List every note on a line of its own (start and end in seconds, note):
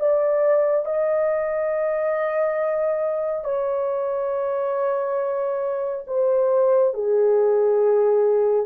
0.00 0.85 D5
0.85 3.44 D#5
3.44 6.05 C#5
6.07 6.94 C5
6.94 8.66 G#4